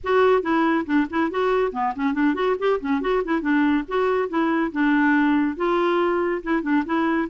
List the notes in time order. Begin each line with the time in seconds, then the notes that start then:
0.03 F#4
0.42 E4
0.86 D4
1.10 E4
1.30 F#4
1.72 B3
1.95 C#4
2.13 D4
2.34 F#4
2.58 G4
2.80 C#4
3.01 F#4
3.24 E4
3.41 D4
3.88 F#4
4.28 E4
4.72 D4
5.56 F4
6.42 E4
6.62 D4
6.85 E4